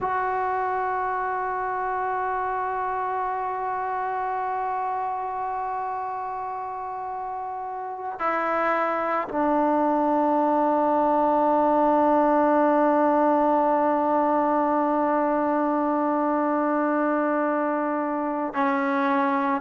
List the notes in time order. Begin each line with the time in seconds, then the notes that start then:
0.00 F#4
8.19 E4
9.28 D4
18.54 C#4